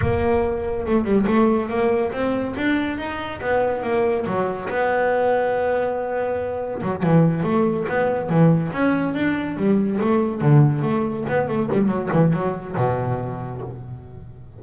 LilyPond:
\new Staff \with { instrumentName = "double bass" } { \time 4/4 \tempo 4 = 141 ais2 a8 g8 a4 | ais4 c'4 d'4 dis'4 | b4 ais4 fis4 b4~ | b1 |
fis8 e4 a4 b4 e8~ | e8 cis'4 d'4 g4 a8~ | a8 d4 a4 b8 a8 g8 | fis8 e8 fis4 b,2 | }